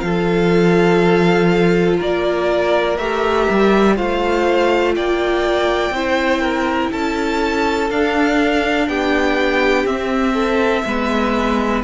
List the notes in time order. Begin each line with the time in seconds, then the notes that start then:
0.00 F3 F4 A4 F5
1.98 A#3 A#4 D5
2.97 A3 G4 E5
3.49 G3
3.96 A3 F4 C5 F5
4.95 A#3 D5 G5
5.90 C4 E4 C5
6.41 A#4
6.91 C#4 A4 A5
7.90 D4 F5
8.88 B3 G4 G5
9.85 C4 E5
10.33 A4
10.85 G#3 B3 B4